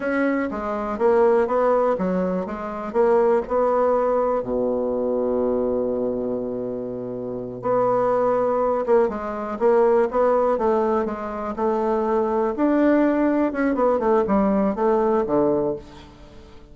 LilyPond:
\new Staff \with { instrumentName = "bassoon" } { \time 4/4 \tempo 4 = 122 cis'4 gis4 ais4 b4 | fis4 gis4 ais4 b4~ | b4 b,2.~ | b,2.~ b,8 b8~ |
b2 ais8 gis4 ais8~ | ais8 b4 a4 gis4 a8~ | a4. d'2 cis'8 | b8 a8 g4 a4 d4 | }